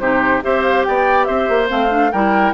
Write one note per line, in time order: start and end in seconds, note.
0.00 0.42 C3
0.00 0.43 D#4
0.00 0.44 G4
0.00 0.42 C5
0.43 0.87 C4
0.43 1.68 G4
0.43 0.87 C5
0.43 0.63 E5
0.63 0.84 F5
0.85 1.29 B3
0.85 1.28 D5
0.85 1.25 G5
1.25 1.49 C4
1.25 2.12 C5
1.25 1.67 E5
1.49 1.70 A#3
1.68 2.13 A3
1.68 1.89 C4
1.68 2.12 F5
1.90 2.11 D4
2.12 2.54 G3
2.12 2.54 E4
2.12 2.54 A#4
2.12 2.54 G5